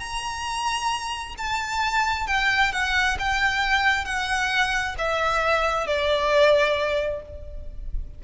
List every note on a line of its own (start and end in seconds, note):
0.00 1.35 A#5
1.38 2.27 A5
2.27 2.73 G5
2.73 3.18 F#5
3.19 4.05 G5
4.05 4.96 F#5
4.98 5.87 E5
5.87 7.22 D5